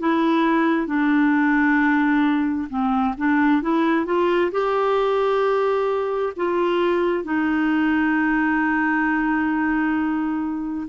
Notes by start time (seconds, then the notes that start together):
0.00 E4
0.87 D4
2.70 C4
3.18 D4
3.62 E4
4.06 F4
4.52 G4
6.37 F4
7.24 D#4